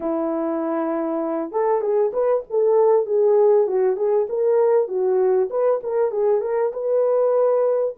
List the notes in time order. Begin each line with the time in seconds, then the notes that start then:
0.00 E4
1.51 A4
1.81 G#4
2.13 B4
2.50 A4
3.06 G#4
3.67 F#4
3.96 G#4
4.29 A#4
4.88 F#4
5.49 B4
5.83 A#4
6.11 G#4
6.41 A#4
6.72 B4